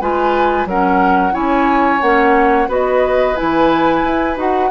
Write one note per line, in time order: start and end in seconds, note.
0.00 0.66 G#3
0.00 0.68 F4
0.00 0.69 B4
0.00 0.67 G#5
0.66 1.33 F#3
0.66 1.32 C#4
0.66 1.34 A#4
0.66 1.35 F#5
1.32 2.02 C#4
1.32 2.00 E4
1.32 2.69 C#5
1.32 2.02 G#5
2.02 2.68 A#3
2.02 2.69 C#4
2.02 2.69 F#5
2.68 3.36 B3
2.68 3.36 F#4
2.68 4.71 B4
2.68 3.37 D#5
3.36 4.03 E3
3.36 4.36 E4
3.36 4.38 G#5
4.03 4.37 E4
4.36 4.71 D#4
4.36 4.70 F#4
4.36 4.71 F#5